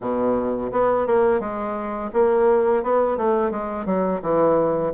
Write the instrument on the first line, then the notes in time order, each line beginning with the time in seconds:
bassoon
0.00 B2
0.72 B3
1.07 A#3
1.40 G#3
2.13 A#3
2.83 B3
3.17 A3
3.50 G#3
3.85 F#3
4.22 E3